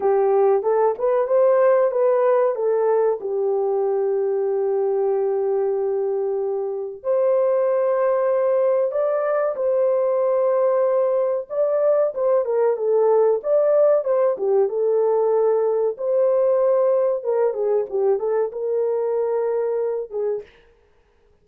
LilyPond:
\new Staff \with { instrumentName = "horn" } { \time 4/4 \tempo 4 = 94 g'4 a'8 b'8 c''4 b'4 | a'4 g'2.~ | g'2. c''4~ | c''2 d''4 c''4~ |
c''2 d''4 c''8 ais'8 | a'4 d''4 c''8 g'8 a'4~ | a'4 c''2 ais'8 gis'8 | g'8 a'8 ais'2~ ais'8 gis'8 | }